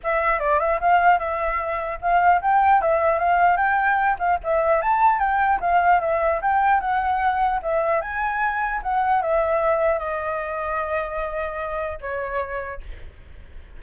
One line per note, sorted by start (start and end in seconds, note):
0.03 0.39 E5
0.39 0.59 D5
0.59 0.79 E5
0.80 1.18 F5
1.18 1.98 E5
2.01 2.41 F5
2.41 2.81 G5
2.81 3.18 E5
3.18 3.56 F5
3.56 4.16 G5
4.18 4.38 F5
4.43 4.81 E5
4.81 5.19 A5
5.19 5.59 G5
5.60 6.00 F5
6.00 6.40 E5
6.41 6.80 G5
6.80 7.60 F#5
7.62 8.01 E5
8.01 8.81 G#5
8.83 9.22 F#5
9.22 9.99 E5
9.99 11.99 D#5
12.01 12.81 C#5